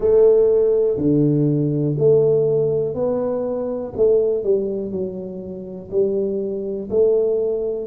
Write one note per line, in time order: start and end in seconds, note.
0.00 0.97 A3
0.97 1.95 D3
1.98 2.94 A3
2.94 3.92 B3
3.96 4.43 A3
4.43 4.91 G3
4.91 5.89 F#3
5.91 6.89 G3
6.90 7.87 A3